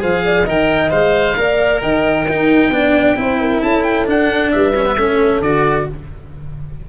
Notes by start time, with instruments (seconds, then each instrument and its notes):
0.00 tuba F3, cello G#4, horn C5, oboe F5
0.25 horn D5
0.45 tuba D#3, cello A#4, horn D#5, oboe G5
0.91 tuba G#3, cello C5, oboe F5
1.37 tuba A#3, cello A#4, horn D5
1.82 tuba D#3, horn D#5, oboe G5
2.26 cello D#4, tuba D#4, horn A#4
2.70 tuba B3, cello D4, horn D5
3.17 tuba C4, cello E4, horn C5
3.41 horn A#4
3.62 tuba C#4, horn A4, oboe A5
3.84 oboe G5
4.06 cello D4, tuba D4, oboe F#5
4.52 tuba G3, horn B4, oboe E5
4.76 cello C#4
4.86 cello B3
4.97 tuba A3, cello C#4, horn A4
5.41 tuba D3, cello F#4, oboe D5